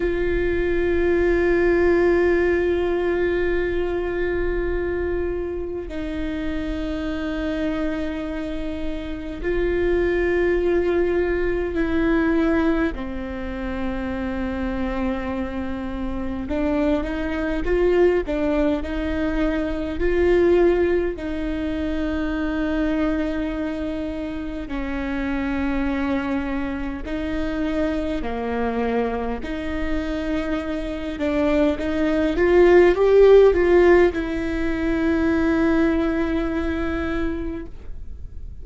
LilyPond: \new Staff \with { instrumentName = "viola" } { \time 4/4 \tempo 4 = 51 f'1~ | f'4 dis'2. | f'2 e'4 c'4~ | c'2 d'8 dis'8 f'8 d'8 |
dis'4 f'4 dis'2~ | dis'4 cis'2 dis'4 | ais4 dis'4. d'8 dis'8 f'8 | g'8 f'8 e'2. | }